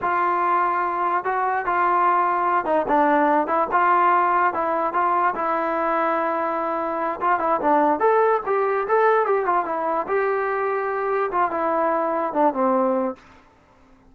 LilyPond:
\new Staff \with { instrumentName = "trombone" } { \time 4/4 \tempo 4 = 146 f'2. fis'4 | f'2~ f'8 dis'8 d'4~ | d'8 e'8 f'2 e'4 | f'4 e'2.~ |
e'4. f'8 e'8 d'4 a'8~ | a'8 g'4 a'4 g'8 f'8 e'8~ | e'8 g'2. f'8 | e'2 d'8 c'4. | }